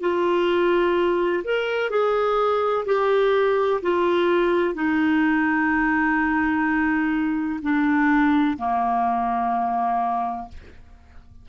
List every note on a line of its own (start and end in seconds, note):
0.00 1.43 F4
1.44 1.90 A#4
1.90 2.85 G#4
2.85 3.81 G4
3.81 4.74 F4
4.74 7.59 D#4
7.61 8.57 D4
8.57 10.48 A#3